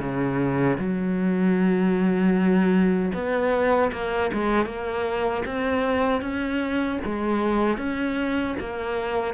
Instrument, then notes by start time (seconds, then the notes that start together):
cello
0.00 C#3
0.79 F#3
3.14 B3
3.93 A#3
4.34 G#3
4.66 A#3
5.46 C4
6.22 C#4
7.06 G#3
7.78 C#4
8.60 A#3